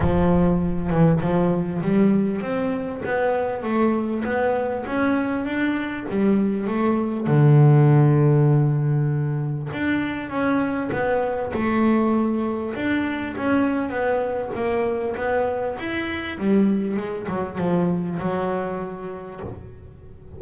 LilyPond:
\new Staff \with { instrumentName = "double bass" } { \time 4/4 \tempo 4 = 99 f4. e8 f4 g4 | c'4 b4 a4 b4 | cis'4 d'4 g4 a4 | d1 |
d'4 cis'4 b4 a4~ | a4 d'4 cis'4 b4 | ais4 b4 e'4 g4 | gis8 fis8 f4 fis2 | }